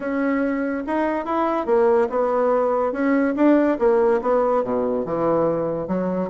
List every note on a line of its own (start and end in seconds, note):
0.00 0.83 C#4
0.87 1.25 D#4
1.25 1.66 E4
1.66 2.08 A#3
2.09 2.92 B3
2.92 3.34 C#4
3.36 3.78 D4
3.79 4.21 A#3
4.21 4.63 B3
4.63 5.05 B2
5.05 5.87 E3
5.87 6.29 F#3